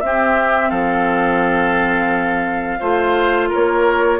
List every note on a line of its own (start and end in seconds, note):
0.00 0.71 C4
0.00 2.81 C4
0.00 0.69 G4
0.00 0.70 E5
0.69 2.80 F3
0.69 2.79 A4
0.69 3.49 F5
2.80 3.50 A3
2.80 4.19 F4
2.80 3.49 C5
3.49 4.19 A#4
3.49 4.19 C#5
3.55 4.19 A#3